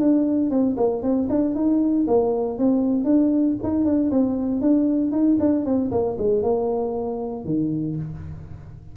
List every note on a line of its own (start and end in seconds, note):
0.00 0.51 D4
0.51 0.76 C4
0.77 1.03 A#3
1.03 1.28 C4
1.30 1.55 D4
1.55 2.07 D#4
2.08 2.59 A#3
2.59 3.05 C4
3.05 3.56 D4
3.64 3.85 D#4
3.85 4.11 D4
4.11 4.62 C4
4.62 5.12 D4
5.12 5.38 D#4
5.40 5.65 D4
5.65 5.91 C4
5.92 6.17 A#3
6.19 6.43 G#3
6.43 7.45 A#3
7.45 7.97 D#3